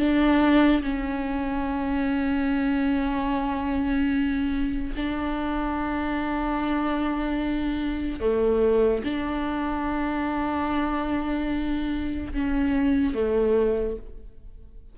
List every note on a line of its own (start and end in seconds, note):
0.00 0.82 D4
0.83 4.94 C#4
4.97 8.21 D4
8.21 9.03 A3
9.05 12.34 D4
12.34 13.15 C#4
13.15 13.97 A3